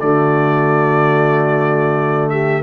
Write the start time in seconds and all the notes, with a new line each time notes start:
0.00 D3 A3 F#4 D5
2.30 G4 E5